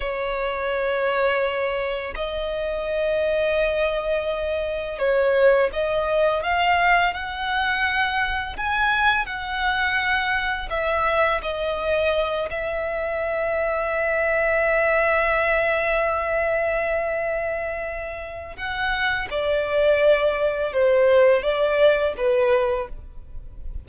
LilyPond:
\new Staff \with { instrumentName = "violin" } { \time 4/4 \tempo 4 = 84 cis''2. dis''4~ | dis''2. cis''4 | dis''4 f''4 fis''2 | gis''4 fis''2 e''4 |
dis''4. e''2~ e''8~ | e''1~ | e''2 fis''4 d''4~ | d''4 c''4 d''4 b'4 | }